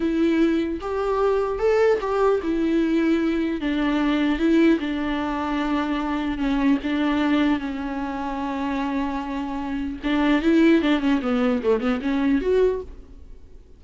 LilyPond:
\new Staff \with { instrumentName = "viola" } { \time 4/4 \tempo 4 = 150 e'2 g'2 | a'4 g'4 e'2~ | e'4 d'2 e'4 | d'1 |
cis'4 d'2 cis'4~ | cis'1~ | cis'4 d'4 e'4 d'8 cis'8 | b4 a8 b8 cis'4 fis'4 | }